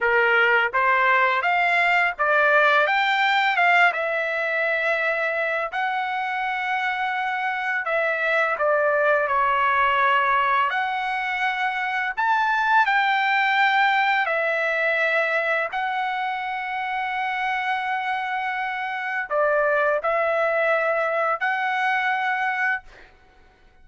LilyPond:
\new Staff \with { instrumentName = "trumpet" } { \time 4/4 \tempo 4 = 84 ais'4 c''4 f''4 d''4 | g''4 f''8 e''2~ e''8 | fis''2. e''4 | d''4 cis''2 fis''4~ |
fis''4 a''4 g''2 | e''2 fis''2~ | fis''2. d''4 | e''2 fis''2 | }